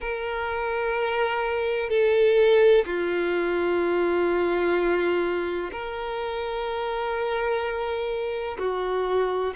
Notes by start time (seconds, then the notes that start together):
0.00 A#4
1.89 A4
2.85 F4
5.71 A#4
8.58 F#4